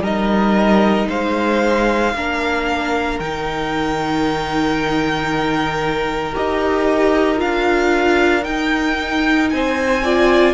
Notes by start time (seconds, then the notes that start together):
0.00 G3 D#4 A#4 D#5
1.09 G#3 C5 F5
2.14 A#3 D4 A#4
3.19 D#3 D#4 G5
6.33 D#4 G4 D#5
7.37 D4 F4 F5
8.43 D#4 G5
9.50 C4 C5 G#5
10.03 F4 D5